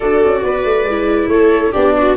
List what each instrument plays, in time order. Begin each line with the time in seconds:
0.00 tuba D4, viola F#4 A4, flute D5
0.25 tuba C#4
0.42 tuba B3, viola B4
0.64 tuba A3
0.84 tuba G#3, viola E4
1.28 tuba A3, viola A4, flute C#5
1.72 tuba B3, viola D4 G4, flute D5
1.98 viola F#4